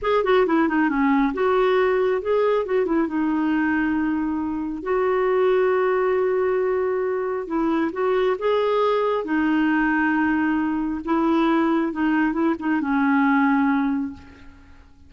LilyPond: \new Staff \with { instrumentName = "clarinet" } { \time 4/4 \tempo 4 = 136 gis'8 fis'8 e'8 dis'8 cis'4 fis'4~ | fis'4 gis'4 fis'8 e'8 dis'4~ | dis'2. fis'4~ | fis'1~ |
fis'4 e'4 fis'4 gis'4~ | gis'4 dis'2.~ | dis'4 e'2 dis'4 | e'8 dis'8 cis'2. | }